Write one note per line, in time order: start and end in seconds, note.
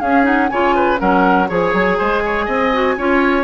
0.00 0.50 C#4
0.00 0.23 C#4
0.00 0.51 G#4
0.00 0.25 F5
0.23 0.48 D#4
0.23 0.49 F#5
0.49 1.00 C#3
0.49 0.98 F4
0.49 0.76 C#5
0.49 0.98 G#5
0.76 1.00 B4
0.98 1.50 F#3
0.98 1.48 C#4
0.98 1.49 A#4
0.98 1.49 F#5
1.48 1.73 F3
1.48 2.71 G#4
1.48 1.98 C#5
1.48 3.44 G#5
1.73 1.98 F#3
1.98 2.47 G#3
1.98 2.22 C5
2.25 2.45 C#5
2.45 2.97 C4
2.45 2.95 D#5
2.72 2.97 F#4
2.98 3.44 C#4
2.98 3.44 F4
2.98 3.44 C#5